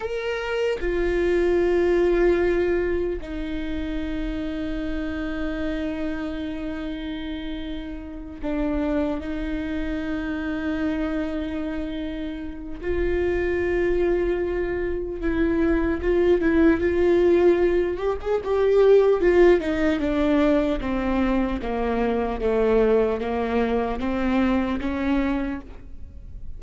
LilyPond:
\new Staff \with { instrumentName = "viola" } { \time 4/4 \tempo 4 = 75 ais'4 f'2. | dis'1~ | dis'2~ dis'8 d'4 dis'8~ | dis'1 |
f'2. e'4 | f'8 e'8 f'4. g'16 gis'16 g'4 | f'8 dis'8 d'4 c'4 ais4 | a4 ais4 c'4 cis'4 | }